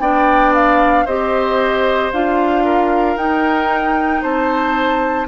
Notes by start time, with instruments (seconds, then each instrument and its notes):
0.00 bassoon B3, clarinet D4, oboe D5, flute G5
0.54 flute F5
1.05 bassoon C4, clarinet G4, oboe C5, flute D#5
2.13 bassoon D4, clarinet F4, flute F5
2.65 oboe A#4
3.16 bassoon D#4, clarinet D#4, flute G5
4.22 bassoon C4, oboe C5, flute A5